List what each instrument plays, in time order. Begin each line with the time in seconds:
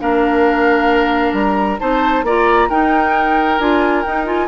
0.00 bassoon A#3, clarinet D4, oboe A#4, flute F5
1.33 bassoon G3, flute A#5
1.80 bassoon C4, clarinet D#4, oboe C5, flute A5
2.24 bassoon A#3, clarinet F4, oboe D5, flute A#5
2.69 bassoon D#4, clarinet D#4, oboe A#4, flute G5
3.59 bassoon D4, clarinet F4, flute G#5
4.03 bassoon D#4, clarinet D#4, flute G5
4.26 clarinet F4, flute G#5